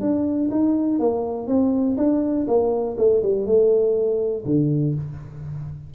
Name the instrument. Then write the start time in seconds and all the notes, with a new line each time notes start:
tuba
0.00 D4
0.51 D#4
0.99 A#3
1.47 C4
1.97 D4
2.47 A#3
2.97 A3
3.22 G3
3.45 A3
4.45 D3